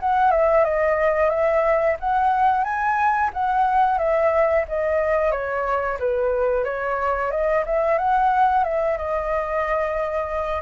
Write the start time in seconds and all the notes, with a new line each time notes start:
0.00 F#5
0.31 E5
0.65 D#5
1.30 E5
2.00 F#5
2.64 G#5
3.34 F#5
3.98 E5
4.68 D#5
5.32 C#5
6.00 B4
6.65 C#5
7.31 D#5
7.66 E5
7.98 F#5
8.64 E5
8.98 D#5